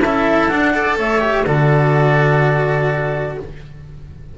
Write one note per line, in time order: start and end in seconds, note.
0.00 0.48 C#4
0.00 0.52 E4
0.00 0.73 A4
0.00 0.48 E5
0.48 0.98 D4
0.48 0.75 D4
0.48 0.96 F#5
0.74 1.21 A4
0.74 0.98 D5
0.98 1.46 A3
0.98 1.47 C#5
0.98 1.46 E5
1.21 1.45 G4
1.46 3.38 D3
1.46 3.39 F#4
1.46 3.39 A4
1.46 3.38 D5